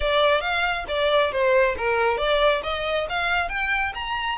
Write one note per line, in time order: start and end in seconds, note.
0.00 0.40 D5
0.40 0.84 F5
0.88 1.32 D5
1.32 1.75 C5
1.77 2.17 A#4
2.17 2.61 D5
2.63 3.07 D#5
3.09 3.49 F5
3.49 3.92 G5
3.94 4.38 A#5